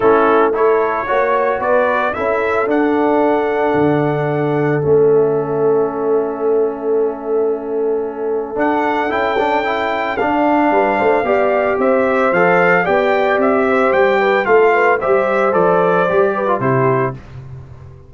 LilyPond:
<<
  \new Staff \with { instrumentName = "trumpet" } { \time 4/4 \tempo 4 = 112 a'4 cis''2 d''4 | e''4 fis''2.~ | fis''4 e''2.~ | e''1 |
fis''4 g''2 f''4~ | f''2 e''4 f''4 | g''4 e''4 g''4 f''4 | e''4 d''2 c''4 | }
  \new Staff \with { instrumentName = "horn" } { \time 4/4 e'4 a'4 cis''4 b'4 | a'1~ | a'1~ | a'1~ |
a'1 | b'8 c''8 d''4 c''2 | d''4. c''4 b'8 a'8 b'8 | c''2~ c''8 b'8 g'4 | }
  \new Staff \with { instrumentName = "trombone" } { \time 4/4 cis'4 e'4 fis'2 | e'4 d'2.~ | d'4 cis'2.~ | cis'1 |
d'4 e'8 d'8 e'4 d'4~ | d'4 g'2 a'4 | g'2. f'4 | g'4 a'4 g'8. f'16 e'4 | }
  \new Staff \with { instrumentName = "tuba" } { \time 4/4 a2 ais4 b4 | cis'4 d'2 d4~ | d4 a2.~ | a1 |
d'4 cis'2 d'4 | g8 a8 b4 c'4 f4 | b4 c'4 g4 a4 | g4 f4 g4 c4 | }
>>